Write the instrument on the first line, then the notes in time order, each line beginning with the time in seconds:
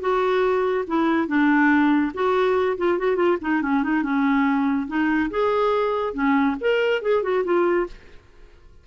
clarinet
0.00 F#4
0.87 E4
1.27 D4
2.14 F#4
2.77 F4
2.98 F#4
3.16 F4
3.41 D#4
3.62 C#4
3.83 D#4
4.03 C#4
4.87 D#4
5.30 G#4
6.13 C#4
6.60 A#4
7.02 G#4
7.23 F#4
7.44 F4